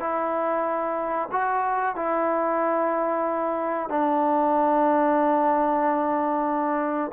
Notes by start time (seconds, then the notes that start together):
0.00 E4
1.32 F#4
1.96 E4
3.89 D4